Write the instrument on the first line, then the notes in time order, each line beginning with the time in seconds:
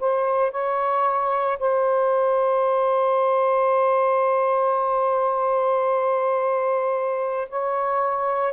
saxophone
0.00 C5
0.51 C#5
1.59 C5
7.49 C#5